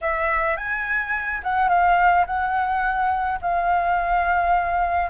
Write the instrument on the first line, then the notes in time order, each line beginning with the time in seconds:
flute
0.01 E5
0.56 G#5
1.43 F#5
1.68 F5
2.26 F#5
3.41 F5